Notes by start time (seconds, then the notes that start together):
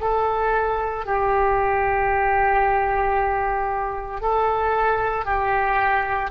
0.00 A4
1.06 G4
4.21 A4
5.25 G4